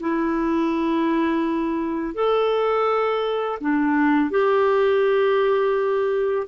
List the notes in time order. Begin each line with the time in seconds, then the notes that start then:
0.00 E4
2.14 A4
3.60 D4
4.30 G4